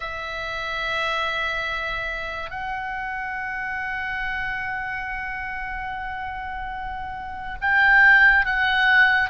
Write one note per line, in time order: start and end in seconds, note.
0.00 2.50 E5
2.50 7.57 F#5
7.61 8.45 G5
8.45 9.29 F#5